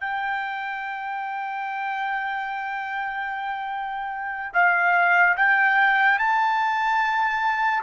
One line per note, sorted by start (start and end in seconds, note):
0.00 4.52 G5
4.54 5.36 F5
5.36 6.19 G5
6.19 7.83 A5